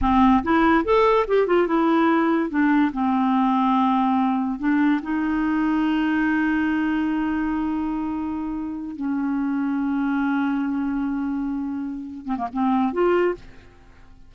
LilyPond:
\new Staff \with { instrumentName = "clarinet" } { \time 4/4 \tempo 4 = 144 c'4 e'4 a'4 g'8 f'8 | e'2 d'4 c'4~ | c'2. d'4 | dis'1~ |
dis'1~ | dis'4. cis'2~ cis'8~ | cis'1~ | cis'4. c'16 ais16 c'4 f'4 | }